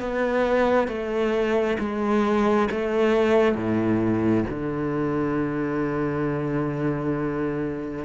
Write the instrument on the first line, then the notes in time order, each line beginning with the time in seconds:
cello
0.00 B3
0.88 A3
1.79 G#3
2.71 A3
3.55 A2
4.49 D3